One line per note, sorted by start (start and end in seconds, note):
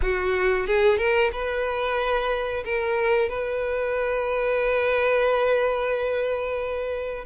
0.02 0.66 F#4
0.66 0.97 G#4
0.97 1.30 A#4
1.32 2.64 B4
2.65 3.29 A#4
3.29 7.25 B4